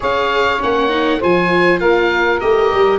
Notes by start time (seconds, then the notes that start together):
0.00 C#4 G#4 C#5 F5
0.59 A#3 C#4 F#5
0.89 D#4
1.19 F3 F4 C5 G#5
1.79 A#3 A#4 F5
2.40 A3 G4 D#5
2.72 G3